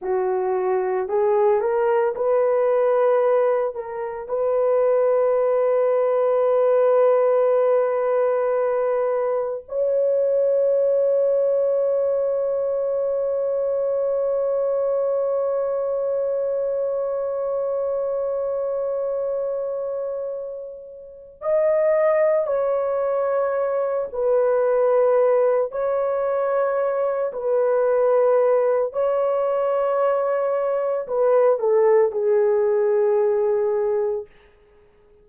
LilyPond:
\new Staff \with { instrumentName = "horn" } { \time 4/4 \tempo 4 = 56 fis'4 gis'8 ais'8 b'4. ais'8 | b'1~ | b'4 cis''2.~ | cis''1~ |
cis''1 | dis''4 cis''4. b'4. | cis''4. b'4. cis''4~ | cis''4 b'8 a'8 gis'2 | }